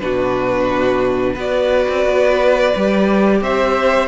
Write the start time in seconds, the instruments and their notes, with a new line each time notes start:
0.00 cello B2, viola D4, violin F#4 B4
1.34 cello B3, viola F#4, violin B4
1.40 violin D5
1.89 cello C4
2.06 cello B3
2.76 cello G3, viola G4
3.41 cello C4, violin C5 E5